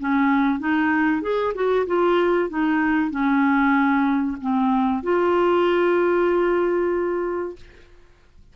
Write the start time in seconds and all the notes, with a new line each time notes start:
0.00 C#4
0.60 D#4
1.22 G#4
1.55 F#4
1.87 F4
2.50 D#4
3.11 C#4
4.41 C4
5.04 F4